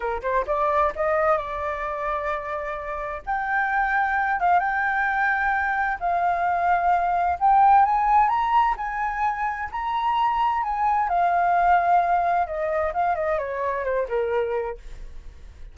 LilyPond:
\new Staff \with { instrumentName = "flute" } { \time 4/4 \tempo 4 = 130 ais'8 c''8 d''4 dis''4 d''4~ | d''2. g''4~ | g''4. f''8 g''2~ | g''4 f''2. |
g''4 gis''4 ais''4 gis''4~ | gis''4 ais''2 gis''4 | f''2. dis''4 | f''8 dis''8 cis''4 c''8 ais'4. | }